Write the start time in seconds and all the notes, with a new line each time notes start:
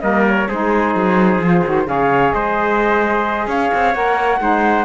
0.00 G3 A#3 A#4 D#5
0.27 C#5
0.48 G#3 D#4 G#4 C5
0.94 F#3
1.38 F3 F4
1.65 D#3 F#4
1.85 C#3 G#4 C#5 F5
2.32 G#3 C5 D#5
3.47 C#4 C#5 F5
3.74 C4
3.94 A#3 A#4 F#5
4.39 G#3 D#4 C5